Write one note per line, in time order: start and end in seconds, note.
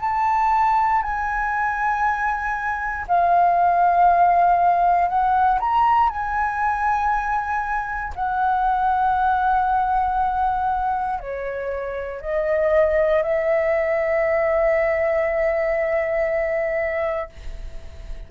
0.00 1.02 A5
1.02 3.06 G#5
3.07 5.08 F5
5.08 5.58 F#5
5.59 6.09 A#5
6.09 8.13 G#5
8.15 11.19 F#5
11.19 12.21 C#5
12.21 13.22 D#5
13.22 17.29 E5